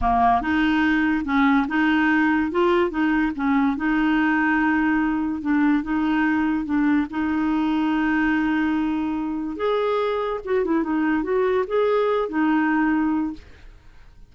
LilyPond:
\new Staff \with { instrumentName = "clarinet" } { \time 4/4 \tempo 4 = 144 ais4 dis'2 cis'4 | dis'2 f'4 dis'4 | cis'4 dis'2.~ | dis'4 d'4 dis'2 |
d'4 dis'2.~ | dis'2. gis'4~ | gis'4 fis'8 e'8 dis'4 fis'4 | gis'4. dis'2~ dis'8 | }